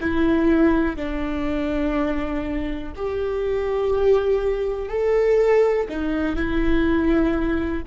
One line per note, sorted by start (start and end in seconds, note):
0.00 0.96 E4
0.96 2.93 D4
2.96 4.89 G4
4.89 5.87 A4
5.88 6.35 D#4
6.35 7.83 E4